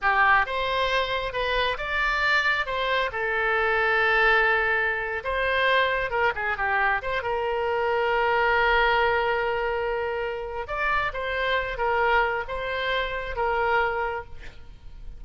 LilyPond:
\new Staff \with { instrumentName = "oboe" } { \time 4/4 \tempo 4 = 135 g'4 c''2 b'4 | d''2 c''4 a'4~ | a'2.~ a'8. c''16~ | c''4.~ c''16 ais'8 gis'8 g'4 c''16~ |
c''16 ais'2.~ ais'8.~ | ais'1 | d''4 c''4. ais'4. | c''2 ais'2 | }